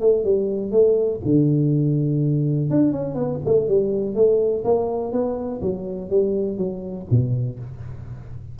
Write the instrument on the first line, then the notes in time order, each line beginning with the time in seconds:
tuba
0.00 A3
0.24 G3
0.71 A3
1.25 D3
2.70 D4
2.92 C#4
3.14 B3
3.45 A3
3.68 G3
4.15 A3
4.64 A#3
5.12 B3
5.61 F#3
6.09 G3
6.57 F#3
7.10 B2